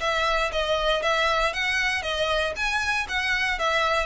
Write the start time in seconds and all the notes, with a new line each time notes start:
0.00 E5
0.52 D#5
1.02 E5
1.53 F#5
2.02 D#5
2.56 G#5
3.08 F#5
3.58 E5